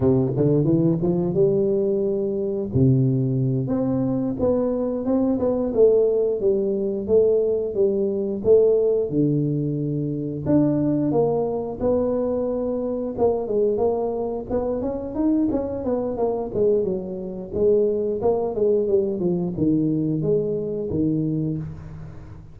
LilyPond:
\new Staff \with { instrumentName = "tuba" } { \time 4/4 \tempo 4 = 89 c8 d8 e8 f8 g2 | c4. c'4 b4 c'8 | b8 a4 g4 a4 g8~ | g8 a4 d2 d'8~ |
d'8 ais4 b2 ais8 | gis8 ais4 b8 cis'8 dis'8 cis'8 b8 | ais8 gis8 fis4 gis4 ais8 gis8 | g8 f8 dis4 gis4 dis4 | }